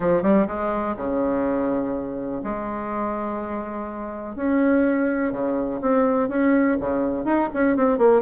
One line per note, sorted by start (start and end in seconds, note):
0.00 0.22 F3
0.22 0.46 G3
0.47 0.95 G#3
0.96 2.41 C#3
2.43 4.35 G#3
4.35 5.32 C#4
5.32 5.80 C#3
5.81 6.29 C4
6.29 6.77 C#4
6.80 7.24 C#3
7.24 7.48 D#4
7.53 7.76 C#4
7.76 7.98 C4
7.98 8.21 A#3